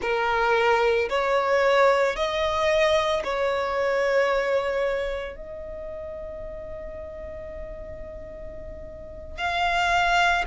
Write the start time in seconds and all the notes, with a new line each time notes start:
0.01 A#4
1.09 C#5
2.15 D#5
3.23 C#5
5.36 D#5
9.37 F5